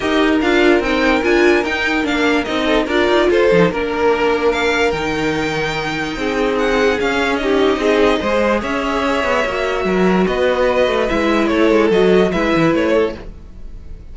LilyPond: <<
  \new Staff \with { instrumentName = "violin" } { \time 4/4 \tempo 4 = 146 dis''4 f''4 g''4 gis''4 | g''4 f''4 dis''4 d''4 | c''4 ais'2 f''4 | g''1 |
fis''4 f''4 dis''2~ | dis''4 e''2.~ | e''4 dis''2 e''4 | cis''4 dis''4 e''4 cis''4 | }
  \new Staff \with { instrumentName = "violin" } { \time 4/4 ais'1~ | ais'2~ ais'8 a'8 ais'4 | a'4 ais'2.~ | ais'2. gis'4~ |
gis'2 g'4 gis'4 | c''4 cis''2. | ais'4 b'2. | a'2 b'4. a'8 | }
  \new Staff \with { instrumentName = "viola" } { \time 4/4 g'4 f'4 dis'4 f'4 | dis'4 d'4 dis'4 f'4~ | f'8 dis'8 d'2. | dis'1~ |
dis'4 cis'4 dis'2 | gis'2. fis'4~ | fis'2. e'4~ | e'4 fis'4 e'2 | }
  \new Staff \with { instrumentName = "cello" } { \time 4/4 dis'4 d'4 c'4 d'4 | dis'4 ais4 c'4 d'8 dis'8 | f'8 f8 ais2. | dis2. c'4~ |
c'4 cis'2 c'4 | gis4 cis'4. b8 ais4 | fis4 b4. a8 gis4 | a8 gis8 fis4 gis8 e8 a4 | }
>>